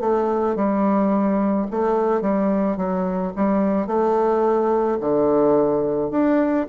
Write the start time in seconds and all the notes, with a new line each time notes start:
0.00 A3
0.55 G3
1.71 A3
2.21 G3
2.76 F#3
3.36 G3
3.86 A3
5.00 D3
6.11 D4